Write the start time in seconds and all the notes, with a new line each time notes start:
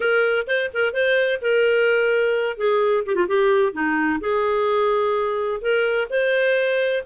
0.00 A#4
0.47 C5
0.73 A#4
0.93 C5
1.41 A#4
2.57 G#4
3.06 G4
3.15 F4
3.27 G4
3.72 D#4
4.20 G#4
5.61 A#4
6.09 C5